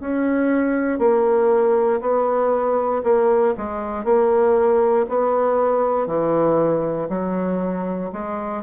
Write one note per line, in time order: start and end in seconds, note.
0.00 0.99 C#4
0.99 2.01 A#3
2.01 3.03 B3
3.04 3.55 A#3
3.57 4.04 G#3
4.04 5.06 A#3
5.09 6.07 B3
6.07 7.09 E3
7.10 8.11 F#3
8.13 8.63 G#3